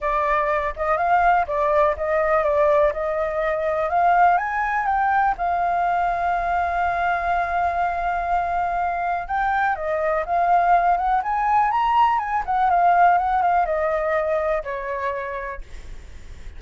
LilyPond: \new Staff \with { instrumentName = "flute" } { \time 4/4 \tempo 4 = 123 d''4. dis''8 f''4 d''4 | dis''4 d''4 dis''2 | f''4 gis''4 g''4 f''4~ | f''1~ |
f''2. g''4 | dis''4 f''4. fis''8 gis''4 | ais''4 gis''8 fis''8 f''4 fis''8 f''8 | dis''2 cis''2 | }